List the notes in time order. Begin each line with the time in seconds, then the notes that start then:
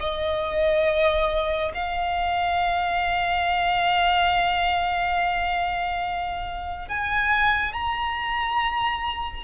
0.00 D#5
1.74 F5
6.88 G#5
7.73 A#5